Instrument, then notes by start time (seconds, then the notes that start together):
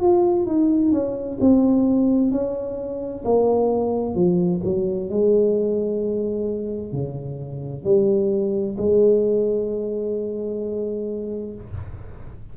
tuba
0.00 F4
0.46 D#4
0.92 C#4
1.41 C4
2.31 C#4
3.24 A#3
4.15 F3
4.64 F#3
5.10 G#3
6.93 C#3
7.84 G3
8.77 G#3